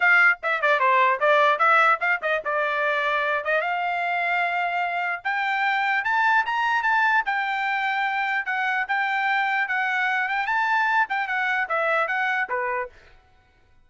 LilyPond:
\new Staff \with { instrumentName = "trumpet" } { \time 4/4 \tempo 4 = 149 f''4 e''8 d''8 c''4 d''4 | e''4 f''8 dis''8 d''2~ | d''8 dis''8 f''2.~ | f''4 g''2 a''4 |
ais''4 a''4 g''2~ | g''4 fis''4 g''2 | fis''4. g''8 a''4. g''8 | fis''4 e''4 fis''4 b'4 | }